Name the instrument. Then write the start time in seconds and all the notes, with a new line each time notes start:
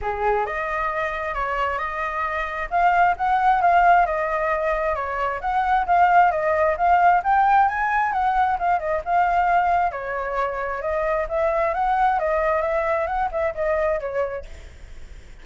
flute
0.01 G#4
0.46 D#5
1.34 C#5
1.78 D#5
2.70 F5
3.17 F#5
3.61 F5
4.06 D#5
4.95 C#5
5.40 F#5
5.86 F5
6.31 D#5
6.77 F5
7.23 G5
7.68 G#5
8.12 F#5
8.59 F5
8.79 D#5
9.05 F5
9.91 C#5
10.81 D#5
11.28 E5
11.74 F#5
12.19 D#5
12.61 E5
13.06 F#5
13.31 E5
13.54 D#5
14.00 C#5